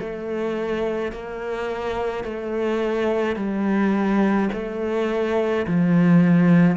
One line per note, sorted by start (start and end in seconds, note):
0.00 1.12 A3
1.12 2.24 A#3
2.24 3.36 A3
3.36 4.49 G3
4.53 5.66 A3
5.67 6.77 F3